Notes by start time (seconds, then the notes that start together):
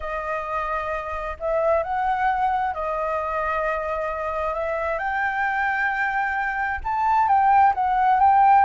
0.00 D#5
1.39 E5
1.83 F#5
2.74 D#5
4.54 E5
4.98 G5
6.83 A5
7.27 G5
7.74 F#5
8.20 G5